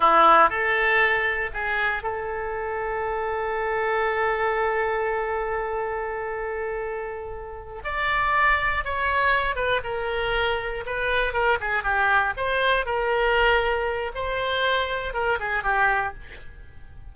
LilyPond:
\new Staff \with { instrumentName = "oboe" } { \time 4/4 \tempo 4 = 119 e'4 a'2 gis'4 | a'1~ | a'1~ | a'2.~ a'8 d''8~ |
d''4. cis''4. b'8 ais'8~ | ais'4. b'4 ais'8 gis'8 g'8~ | g'8 c''4 ais'2~ ais'8 | c''2 ais'8 gis'8 g'4 | }